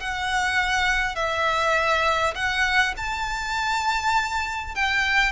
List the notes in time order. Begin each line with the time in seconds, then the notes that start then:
0.00 F#5
1.16 E5
2.35 F#5
2.97 A5
4.75 G5